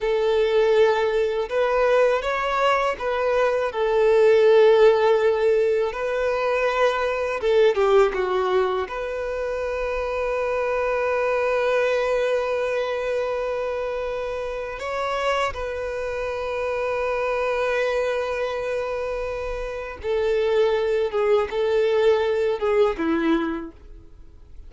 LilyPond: \new Staff \with { instrumentName = "violin" } { \time 4/4 \tempo 4 = 81 a'2 b'4 cis''4 | b'4 a'2. | b'2 a'8 g'8 fis'4 | b'1~ |
b'1 | cis''4 b'2.~ | b'2. a'4~ | a'8 gis'8 a'4. gis'8 e'4 | }